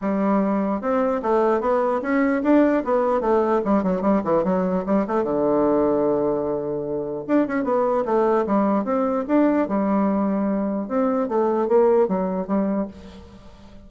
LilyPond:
\new Staff \with { instrumentName = "bassoon" } { \time 4/4 \tempo 4 = 149 g2 c'4 a4 | b4 cis'4 d'4 b4 | a4 g8 fis8 g8 e8 fis4 | g8 a8 d2.~ |
d2 d'8 cis'8 b4 | a4 g4 c'4 d'4 | g2. c'4 | a4 ais4 fis4 g4 | }